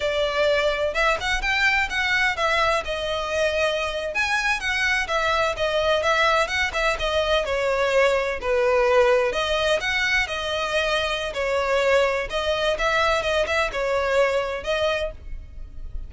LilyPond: \new Staff \with { instrumentName = "violin" } { \time 4/4 \tempo 4 = 127 d''2 e''8 fis''8 g''4 | fis''4 e''4 dis''2~ | dis''8. gis''4 fis''4 e''4 dis''16~ | dis''8. e''4 fis''8 e''8 dis''4 cis''16~ |
cis''4.~ cis''16 b'2 dis''16~ | dis''8. fis''4 dis''2~ dis''16 | cis''2 dis''4 e''4 | dis''8 e''8 cis''2 dis''4 | }